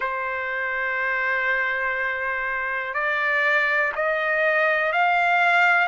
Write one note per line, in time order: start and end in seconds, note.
0.00 2.94 C5
2.94 3.92 D5
3.95 4.92 D#5
4.92 5.87 F5